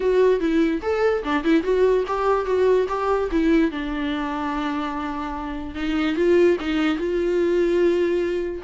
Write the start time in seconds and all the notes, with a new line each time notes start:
0.00 F#4
0.39 E4
0.82 A4
1.23 D4
1.43 E4
1.63 F#4
2.07 G4
2.45 F#4
2.88 G4
3.31 E4
3.71 D4
5.74 D#4
6.16 F4
6.60 D#4
6.97 F4